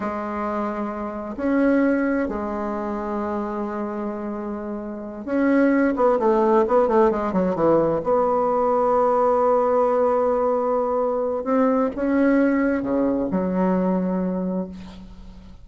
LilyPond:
\new Staff \with { instrumentName = "bassoon" } { \time 4/4 \tempo 4 = 131 gis2. cis'4~ | cis'4 gis2.~ | gis2.~ gis8 cis'8~ | cis'4 b8 a4 b8 a8 gis8 |
fis8 e4 b2~ b8~ | b1~ | b4 c'4 cis'2 | cis4 fis2. | }